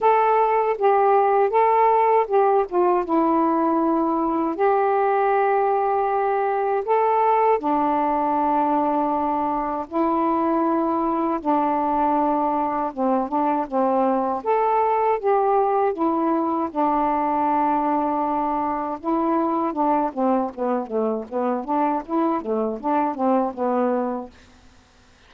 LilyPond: \new Staff \with { instrumentName = "saxophone" } { \time 4/4 \tempo 4 = 79 a'4 g'4 a'4 g'8 f'8 | e'2 g'2~ | g'4 a'4 d'2~ | d'4 e'2 d'4~ |
d'4 c'8 d'8 c'4 a'4 | g'4 e'4 d'2~ | d'4 e'4 d'8 c'8 b8 a8 | b8 d'8 e'8 a8 d'8 c'8 b4 | }